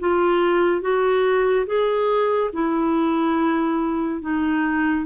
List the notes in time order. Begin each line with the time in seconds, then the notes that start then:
0.00 F4
0.81 F#4
1.66 G#4
2.53 E4
4.21 D#4